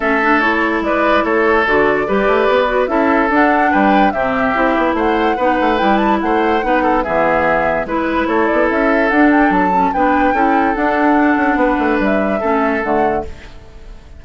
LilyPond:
<<
  \new Staff \with { instrumentName = "flute" } { \time 4/4 \tempo 4 = 145 e''4 cis''4 d''4 cis''4 | d''2. e''4 | fis''4 g''4 e''2 | fis''2 g''8 a''8 fis''4~ |
fis''4 e''2 b'4 | cis''8 d''8 e''4 fis''8 g''8 a''4 | g''2 fis''2~ | fis''4 e''2 fis''4 | }
  \new Staff \with { instrumentName = "oboe" } { \time 4/4 a'2 b'4 a'4~ | a'4 b'2 a'4~ | a'4 b'4 g'2 | c''4 b'2 c''4 |
b'8 a'8 gis'2 b'4 | a'1 | b'4 a'2. | b'2 a'2 | }
  \new Staff \with { instrumentName = "clarinet" } { \time 4/4 cis'8 d'8 e'2. | fis'4 g'4. fis'8 e'4 | d'2 c'4 e'4~ | e'4 dis'4 e'2 |
dis'4 b2 e'4~ | e'2 d'4. cis'8 | d'4 e'4 d'2~ | d'2 cis'4 a4 | }
  \new Staff \with { instrumentName = "bassoon" } { \time 4/4 a2 gis4 a4 | d4 g8 a8 b4 cis'4 | d'4 g4 c4 c'8 b8 | a4 b8 a8 g4 a4 |
b4 e2 gis4 | a8 b8 cis'4 d'4 fis4 | b4 cis'4 d'4. cis'8 | b8 a8 g4 a4 d4 | }
>>